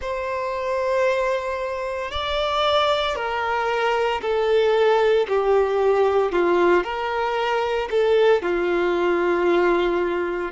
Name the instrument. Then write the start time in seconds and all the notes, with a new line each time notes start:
violin
0.01 C5
2.11 D5
3.15 A#4
4.21 A4
5.28 G4
6.32 F4
6.83 A#4
7.90 A4
8.42 F4